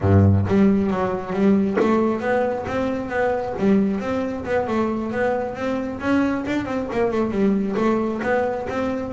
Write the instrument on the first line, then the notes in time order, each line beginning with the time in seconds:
double bass
0.00 G2
0.47 G3
0.90 F#3
1.32 G3
1.80 A3
2.20 B3
2.67 C4
3.09 B3
3.58 G3
4.00 C4
4.44 B3
4.67 A3
5.11 B3
5.55 C4
6.00 C#4
6.46 D4
6.65 C4
6.92 A#3
7.11 A3
7.31 G3
7.76 A3
8.22 B3
8.69 C4